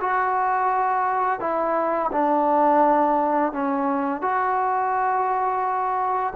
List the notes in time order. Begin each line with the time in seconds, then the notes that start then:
0.00 F#4
1.40 E4
2.12 D4
3.52 C#4
4.21 F#4